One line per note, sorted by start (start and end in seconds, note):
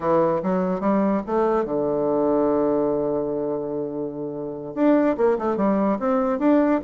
0.00 0.41 E3
0.43 0.80 F#3
0.80 1.21 G3
1.26 1.64 A3
1.64 4.75 D3
4.75 5.16 D4
5.17 5.37 A#3
5.38 5.57 A3
5.57 5.98 G3
5.99 6.39 C4
6.39 6.80 D4